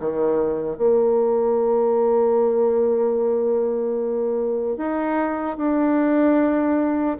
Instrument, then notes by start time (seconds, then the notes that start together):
bassoon
0.00 D#3
0.77 A#3
4.77 D#4
5.57 D4